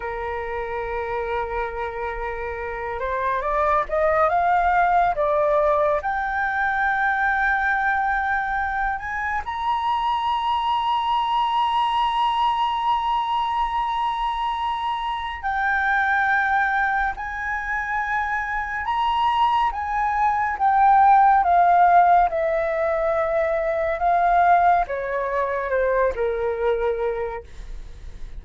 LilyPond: \new Staff \with { instrumentName = "flute" } { \time 4/4 \tempo 4 = 70 ais'2.~ ais'8 c''8 | d''8 dis''8 f''4 d''4 g''4~ | g''2~ g''8 gis''8 ais''4~ | ais''1~ |
ais''2 g''2 | gis''2 ais''4 gis''4 | g''4 f''4 e''2 | f''4 cis''4 c''8 ais'4. | }